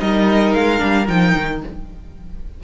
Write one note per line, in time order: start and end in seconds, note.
0.00 0.55 G3
0.00 0.78 D#4
0.00 1.63 A#4
0.00 0.54 D#5
0.54 0.82 G#3
0.54 1.08 F5
0.78 1.08 G3
0.78 1.05 D4
1.08 1.35 F3
1.08 1.62 D#4
1.08 1.62 G5
1.37 1.64 D#3